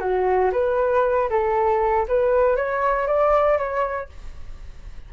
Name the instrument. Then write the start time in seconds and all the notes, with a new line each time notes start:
flute
0.00 F#4
0.53 B4
1.30 A4
2.08 B4
2.57 C#5
3.07 D5
3.58 C#5